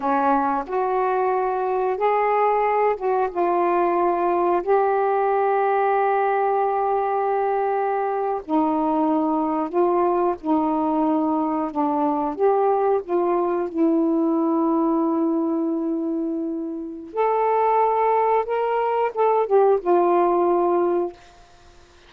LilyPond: \new Staff \with { instrumentName = "saxophone" } { \time 4/4 \tempo 4 = 91 cis'4 fis'2 gis'4~ | gis'8 fis'8 f'2 g'4~ | g'1~ | g'8. dis'2 f'4 dis'16~ |
dis'4.~ dis'16 d'4 g'4 f'16~ | f'8. e'2.~ e'16~ | e'2 a'2 | ais'4 a'8 g'8 f'2 | }